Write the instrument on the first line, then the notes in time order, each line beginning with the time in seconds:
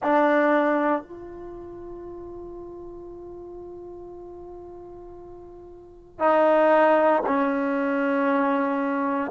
trombone
0.02 D4
1.03 F4
6.19 D#4
7.26 C#4